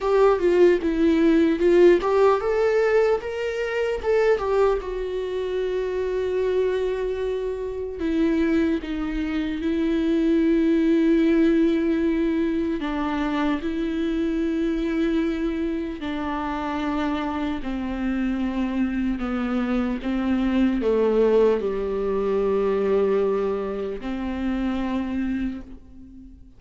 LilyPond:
\new Staff \with { instrumentName = "viola" } { \time 4/4 \tempo 4 = 75 g'8 f'8 e'4 f'8 g'8 a'4 | ais'4 a'8 g'8 fis'2~ | fis'2 e'4 dis'4 | e'1 |
d'4 e'2. | d'2 c'2 | b4 c'4 a4 g4~ | g2 c'2 | }